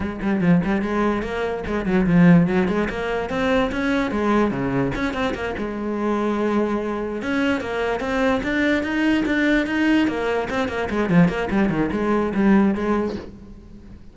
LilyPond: \new Staff \with { instrumentName = "cello" } { \time 4/4 \tempo 4 = 146 gis8 g8 f8 g8 gis4 ais4 | gis8 fis8 f4 fis8 gis8 ais4 | c'4 cis'4 gis4 cis4 | cis'8 c'8 ais8 gis2~ gis8~ |
gis4. cis'4 ais4 c'8~ | c'8 d'4 dis'4 d'4 dis'8~ | dis'8 ais4 c'8 ais8 gis8 f8 ais8 | g8 dis8 gis4 g4 gis4 | }